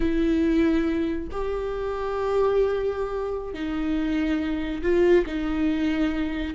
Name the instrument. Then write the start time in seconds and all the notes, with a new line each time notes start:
viola
0.00 E4
1.31 G4
3.53 D#4
4.82 F4
5.26 D#4